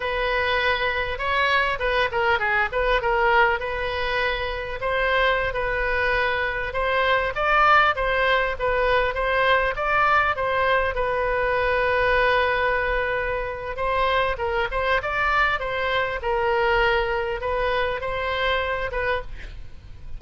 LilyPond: \new Staff \with { instrumentName = "oboe" } { \time 4/4 \tempo 4 = 100 b'2 cis''4 b'8 ais'8 | gis'8 b'8 ais'4 b'2 | c''4~ c''16 b'2 c''8.~ | c''16 d''4 c''4 b'4 c''8.~ |
c''16 d''4 c''4 b'4.~ b'16~ | b'2. c''4 | ais'8 c''8 d''4 c''4 ais'4~ | ais'4 b'4 c''4. b'8 | }